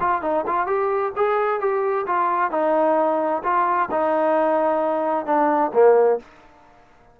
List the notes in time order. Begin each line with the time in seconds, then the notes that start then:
0.00 F4
0.22 D#4
0.46 F4
0.66 G4
1.16 G#4
1.60 G4
2.07 F4
2.51 D#4
3.43 F4
3.91 D#4
5.25 D4
5.73 A#3